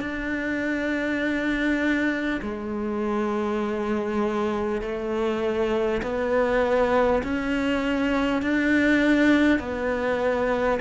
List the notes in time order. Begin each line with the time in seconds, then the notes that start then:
0.00 D4
2.42 G#3
4.81 A3
6.02 B3
7.23 C#4
8.42 D4
9.59 B3